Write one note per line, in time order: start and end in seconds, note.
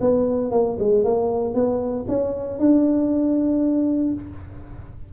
0.00 0.51 B3
0.51 0.77 A#3
0.79 1.04 G#3
1.04 1.54 A#3
1.54 2.05 B3
2.08 2.59 C#4
2.59 4.13 D4